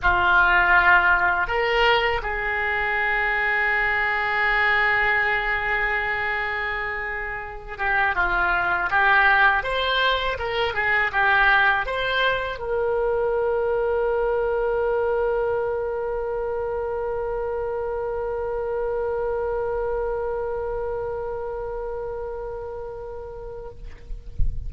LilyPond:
\new Staff \with { instrumentName = "oboe" } { \time 4/4 \tempo 4 = 81 f'2 ais'4 gis'4~ | gis'1~ | gis'2~ gis'8 g'8 f'4 | g'4 c''4 ais'8 gis'8 g'4 |
c''4 ais'2.~ | ais'1~ | ais'1~ | ais'1 | }